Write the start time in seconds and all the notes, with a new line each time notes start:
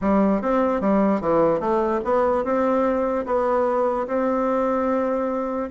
0.01 G3
0.41 C4
0.80 G3
1.21 E3
1.59 A3
2.04 B3
2.44 C4
3.25 B3
4.07 C4